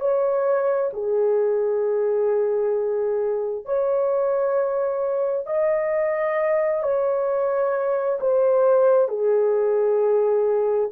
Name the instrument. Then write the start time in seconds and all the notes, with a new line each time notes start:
horn
0.00 C#5
0.93 G#4
3.65 C#5
5.47 D#5
6.83 C#5
8.20 C5
9.08 G#4